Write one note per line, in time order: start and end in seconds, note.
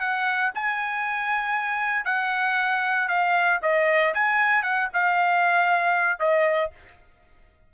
0.00 0.52 F#5
0.55 2.05 G#5
2.05 3.08 F#5
3.08 3.60 F5
3.62 4.14 D#5
4.14 4.63 G#5
4.63 4.89 F#5
4.93 6.19 F5
6.19 6.71 D#5